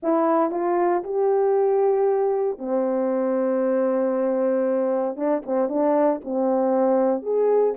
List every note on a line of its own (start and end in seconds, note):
0.03 0.51 E4
0.51 1.03 F4
1.03 2.58 G4
2.58 5.16 C4
5.16 5.42 D4
5.46 5.68 C4
5.68 6.20 D4
6.24 7.22 C4
7.22 7.74 G#4